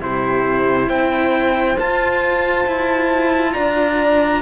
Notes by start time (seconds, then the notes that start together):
0.00 C3 E4 G4 C5
0.87 C4 C5 G5
1.78 F4 A5
2.66 E4
3.53 D4 D5 A#5